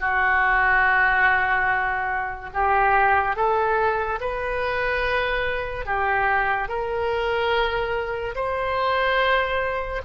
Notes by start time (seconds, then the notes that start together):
0.00 F#4
2.54 G4
3.36 A4
4.20 B4
5.86 G4
6.69 A#4
8.35 C5